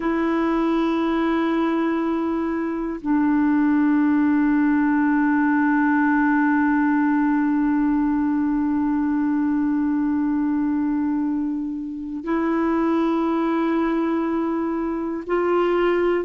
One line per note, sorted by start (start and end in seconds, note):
0.00 3.00 E4
3.01 12.24 D4
12.24 15.24 E4
15.26 16.25 F4